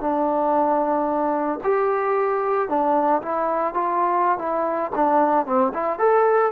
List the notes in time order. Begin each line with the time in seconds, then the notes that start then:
0.00 D4
1.63 G4
2.68 D4
3.22 E4
3.74 F4
4.38 E4
4.95 D4
5.46 C4
5.73 E4
5.99 A4